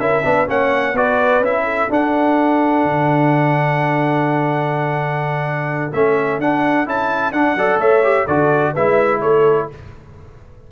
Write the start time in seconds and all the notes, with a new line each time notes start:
0.00 C#4 E4 A#4 E5
0.24 B3 D4 B4
0.47 A#3 C#4 C#5 F#5
0.93 B3 F#4 B4 D5
1.40 C#4 E4 E5
1.64 A4
1.90 D4 F#5
2.85 D3
5.93 A3 C#4 E5
6.39 D4 F#5
6.86 C#4 E4 A5
7.32 D4 F#5
7.55 F#3 A4 D5
7.78 A3 C#5 E5
8.03 G4
8.27 D3 F#4 A4 D5
8.74 G#3 E4 B4 E5
9.21 A3 A4 C#5